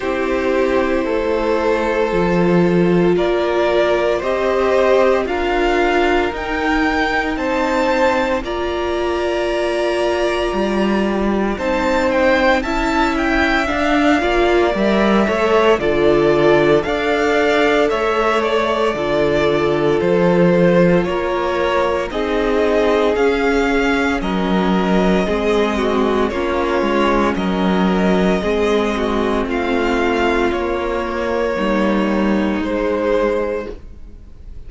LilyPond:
<<
  \new Staff \with { instrumentName = "violin" } { \time 4/4 \tempo 4 = 57 c''2. d''4 | dis''4 f''4 g''4 a''4 | ais''2. a''8 g''8 | a''8 g''8 f''4 e''4 d''4 |
f''4 e''8 d''4. c''4 | cis''4 dis''4 f''4 dis''4~ | dis''4 cis''4 dis''2 | f''4 cis''2 c''4 | }
  \new Staff \with { instrumentName = "violin" } { \time 4/4 g'4 a'2 ais'4 | c''4 ais'2 c''4 | d''2. c''4 | e''4. d''4 cis''8 a'4 |
d''4 cis''4 a'2 | ais'4 gis'2 ais'4 | gis'8 fis'8 f'4 ais'4 gis'8 fis'8 | f'2 dis'2 | }
  \new Staff \with { instrumentName = "viola" } { \time 4/4 e'2 f'2 | g'4 f'4 dis'2 | f'2. dis'4 | e'4 d'8 f'8 ais'8 a'8 f'4 |
a'2 f'2~ | f'4 dis'4 cis'2 | c'4 cis'2 c'4~ | c'4 ais2 gis4 | }
  \new Staff \with { instrumentName = "cello" } { \time 4/4 c'4 a4 f4 ais4 | c'4 d'4 dis'4 c'4 | ais2 g4 c'4 | cis'4 d'8 ais8 g8 a8 d4 |
d'4 a4 d4 f4 | ais4 c'4 cis'4 fis4 | gis4 ais8 gis8 fis4 gis4 | a4 ais4 g4 gis4 | }
>>